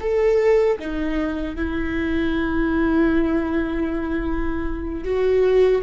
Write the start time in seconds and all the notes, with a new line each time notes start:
0.00 A4
0.79 D#4
1.56 E4
5.04 F#4